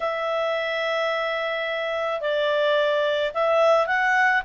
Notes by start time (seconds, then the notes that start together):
0.00 E5
2.20 D5
3.34 E5
3.87 F#5